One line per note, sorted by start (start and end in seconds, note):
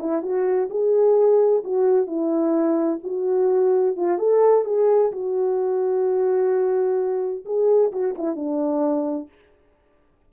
0.00 0.23 E4
0.23 0.69 F#4
0.70 1.63 G#4
1.64 2.07 F#4
2.07 3.00 E4
3.04 3.97 F#4
3.97 4.19 F4
4.19 4.65 A4
4.65 5.12 G#4
5.12 7.45 F#4
7.45 7.92 G#4
7.92 8.15 F#4
8.18 8.36 E4
8.36 9.29 D4